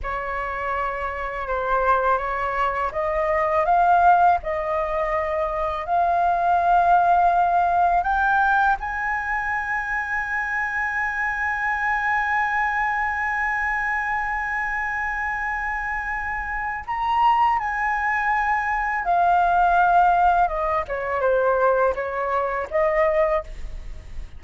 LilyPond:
\new Staff \with { instrumentName = "flute" } { \time 4/4 \tempo 4 = 82 cis''2 c''4 cis''4 | dis''4 f''4 dis''2 | f''2. g''4 | gis''1~ |
gis''1~ | gis''2. ais''4 | gis''2 f''2 | dis''8 cis''8 c''4 cis''4 dis''4 | }